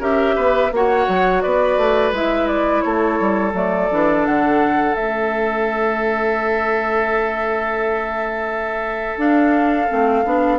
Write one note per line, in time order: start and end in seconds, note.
0.00 0.36 C#4
0.00 0.72 G4
0.00 0.35 A#4
0.00 0.73 E5
0.35 0.72 B3
0.35 0.71 B4
0.72 1.07 A#3
0.72 2.15 F#4
0.72 1.43 C#5
0.72 1.42 F#5
1.08 1.43 F#3
1.42 1.77 B3
1.42 2.84 B4
1.42 2.12 D5
1.77 2.12 A3
2.12 2.82 G#3
2.12 3.54 E4
2.12 2.47 E5
2.47 2.81 D5
2.81 3.20 A3
2.81 10.59 A4
2.81 3.52 C#5
3.20 3.53 G3
3.53 3.89 F#3
3.53 3.89 A3
3.53 4.26 D5
3.91 4.27 E3
3.91 4.95 D4
4.26 4.95 D3
4.26 4.95 F#5
4.95 9.17 A3
4.95 9.18 C#4
4.95 9.18 E5
9.17 9.88 D4
9.17 9.89 D4
9.17 10.59 F5
9.89 10.25 A3
9.89 10.24 C4
10.25 10.59 B3
10.25 10.59 D4